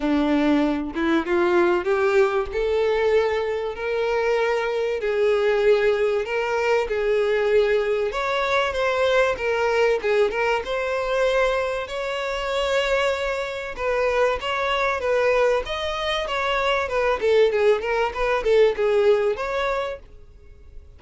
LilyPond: \new Staff \with { instrumentName = "violin" } { \time 4/4 \tempo 4 = 96 d'4. e'8 f'4 g'4 | a'2 ais'2 | gis'2 ais'4 gis'4~ | gis'4 cis''4 c''4 ais'4 |
gis'8 ais'8 c''2 cis''4~ | cis''2 b'4 cis''4 | b'4 dis''4 cis''4 b'8 a'8 | gis'8 ais'8 b'8 a'8 gis'4 cis''4 | }